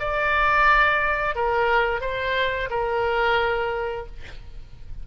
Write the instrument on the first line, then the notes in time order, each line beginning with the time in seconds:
oboe
0.00 D5
1.36 A#4
2.01 C5
2.70 A#4